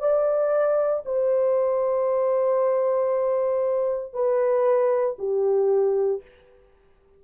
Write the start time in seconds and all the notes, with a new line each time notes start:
0.00 D5
1.06 C5
4.14 B4
5.19 G4